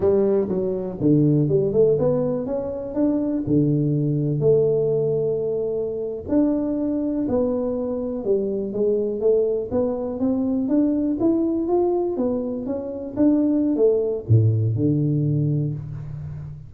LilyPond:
\new Staff \with { instrumentName = "tuba" } { \time 4/4 \tempo 4 = 122 g4 fis4 d4 g8 a8 | b4 cis'4 d'4 d4~ | d4 a2.~ | a8. d'2 b4~ b16~ |
b8. g4 gis4 a4 b16~ | b8. c'4 d'4 e'4 f'16~ | f'8. b4 cis'4 d'4~ d'16 | a4 a,4 d2 | }